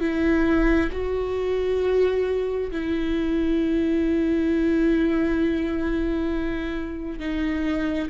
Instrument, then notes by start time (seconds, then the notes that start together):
viola
0.00 E4
0.92 F#4
2.71 E4
7.19 D#4